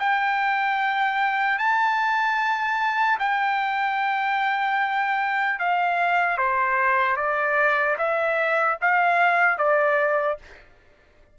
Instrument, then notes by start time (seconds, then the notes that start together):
trumpet
0.00 G5
1.59 A5
3.20 G5
5.60 F5
6.38 C5
7.17 D5
7.99 E5
8.82 F5
9.59 D5